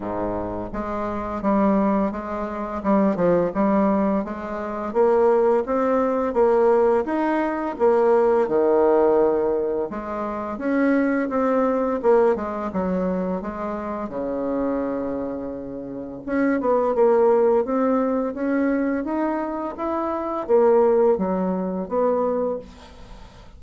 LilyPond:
\new Staff \with { instrumentName = "bassoon" } { \time 4/4 \tempo 4 = 85 gis,4 gis4 g4 gis4 | g8 f8 g4 gis4 ais4 | c'4 ais4 dis'4 ais4 | dis2 gis4 cis'4 |
c'4 ais8 gis8 fis4 gis4 | cis2. cis'8 b8 | ais4 c'4 cis'4 dis'4 | e'4 ais4 fis4 b4 | }